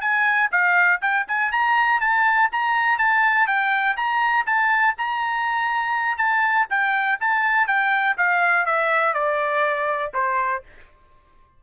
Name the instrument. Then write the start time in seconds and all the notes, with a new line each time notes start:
trumpet
0.00 G#5
0.51 F5
1.01 G5
1.27 G#5
1.51 A#5
2.00 A5
2.51 A#5
2.98 A5
3.47 G5
3.96 A#5
4.46 A5
4.97 A#5
6.17 A5
6.70 G5
7.20 A5
7.67 G5
8.17 F5
8.65 E5
9.13 D5
10.13 C5